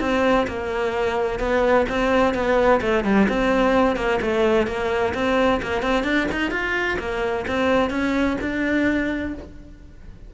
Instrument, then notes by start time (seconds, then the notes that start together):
cello
0.00 C4
0.47 A#3
1.39 B3
1.89 C4
2.34 B3
2.81 A3
3.04 G3
3.29 C4
3.96 A#3
4.21 A3
4.67 A#3
5.14 C4
5.62 A#3
5.82 C4
6.04 D4
6.31 D#4
6.51 F4
6.99 A#3
7.47 C4
7.90 C#4
8.41 D4